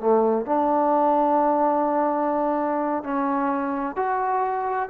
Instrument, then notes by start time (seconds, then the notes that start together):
trombone
0.00 A3
0.46 D4
3.04 C#4
3.97 F#4